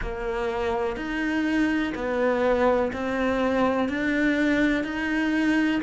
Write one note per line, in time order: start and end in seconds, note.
0.01 0.96 A#3
0.96 1.93 D#4
1.94 2.91 B3
2.93 3.88 C4
3.88 4.84 D4
4.84 5.81 D#4